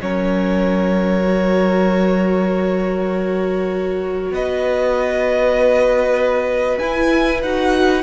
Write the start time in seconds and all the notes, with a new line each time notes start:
0.00 F#3 C#4 A#4 C#5
1.26 F#4
4.31 B3 B4 D#5
6.79 E4 G#5
7.43 D#4 F#4 F#5